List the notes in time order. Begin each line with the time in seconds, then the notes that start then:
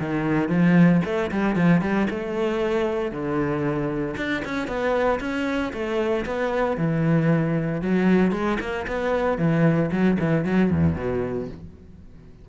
0.00 D#3
0.49 F3
1.05 A3
1.32 G3
1.56 F3
1.81 G3
2.10 A3
3.12 D3
4.17 D4
4.45 C#4
4.68 B3
5.21 C#4
5.73 A3
6.26 B3
6.78 E3
7.82 F#3
8.32 G#3
8.60 A#3
8.87 B3
9.38 E3
9.92 F#3
10.20 E3
10.45 F#3
10.71 E2
10.96 B2